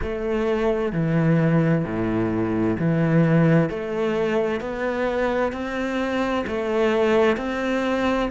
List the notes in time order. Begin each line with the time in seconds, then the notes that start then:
0.02 A3
0.92 E3
1.84 A2
2.79 E3
3.69 A3
4.60 B3
5.52 C4
6.47 A3
7.36 C4